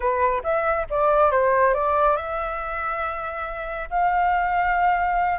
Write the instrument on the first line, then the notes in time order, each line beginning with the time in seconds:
flute
0.00 B4
0.43 E5
0.90 D5
1.31 C5
1.74 D5
2.16 E5
3.90 F5